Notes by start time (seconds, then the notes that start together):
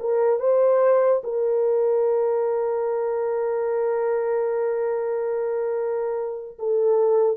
0.00 A#4
0.40 C5
1.24 A#4
6.59 A4